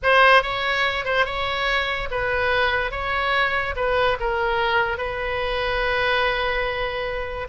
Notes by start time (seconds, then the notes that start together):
0.02 C5
0.42 C#5
1.04 C5
1.25 C#5
2.11 B4
2.91 C#5
3.76 B4
4.20 A#4
4.97 B4